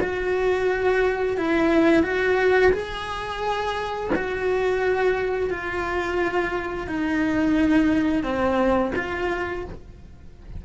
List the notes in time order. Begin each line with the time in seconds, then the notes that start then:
0.00 F#4
1.37 E4
2.03 F#4
2.72 G#4
4.15 F#4
5.50 F4
6.87 D#4
8.23 C4
8.96 F4